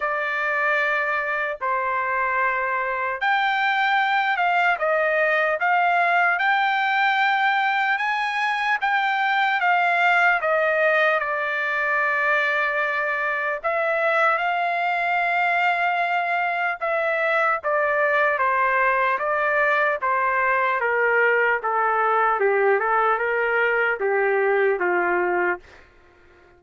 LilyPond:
\new Staff \with { instrumentName = "trumpet" } { \time 4/4 \tempo 4 = 75 d''2 c''2 | g''4. f''8 dis''4 f''4 | g''2 gis''4 g''4 | f''4 dis''4 d''2~ |
d''4 e''4 f''2~ | f''4 e''4 d''4 c''4 | d''4 c''4 ais'4 a'4 | g'8 a'8 ais'4 g'4 f'4 | }